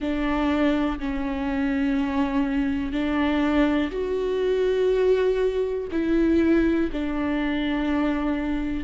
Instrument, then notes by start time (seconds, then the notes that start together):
viola
0.00 D4
0.99 C#4
2.92 D4
3.91 F#4
5.91 E4
6.92 D4